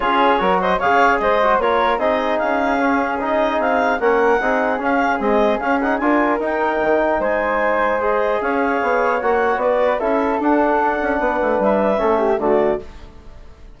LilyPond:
<<
  \new Staff \with { instrumentName = "clarinet" } { \time 4/4 \tempo 4 = 150 cis''4. dis''8 f''4 dis''4 | cis''4 dis''4 f''2 | dis''4 f''4 fis''2 | f''4 dis''4 f''8 fis''8 gis''4 |
g''2 gis''2 | dis''4 f''2 fis''4 | d''4 e''4 fis''2~ | fis''4 e''2 d''4 | }
  \new Staff \with { instrumentName = "flute" } { \time 4/4 gis'4 ais'8 c''8 cis''4 c''4 | ais'4 gis'2.~ | gis'2 ais'4 gis'4~ | gis'2. ais'4~ |
ais'2 c''2~ | c''4 cis''2. | b'4 a'2. | b'2 a'8 g'8 fis'4 | }
  \new Staff \with { instrumentName = "trombone" } { \time 4/4 f'4 fis'4 gis'4. fis'8 | f'4 dis'2 cis'4 | dis'2 cis'4 dis'4 | cis'4 gis4 cis'8 dis'8 f'4 |
dis'1 | gis'2. fis'4~ | fis'4 e'4 d'2~ | d'2 cis'4 a4 | }
  \new Staff \with { instrumentName = "bassoon" } { \time 4/4 cis'4 fis4 cis4 gis4 | ais4 c'4 cis'2~ | cis'4 c'4 ais4 c'4 | cis'4 c'4 cis'4 d'4 |
dis'4 dis4 gis2~ | gis4 cis'4 b4 ais4 | b4 cis'4 d'4. cis'8 | b8 a8 g4 a4 d4 | }
>>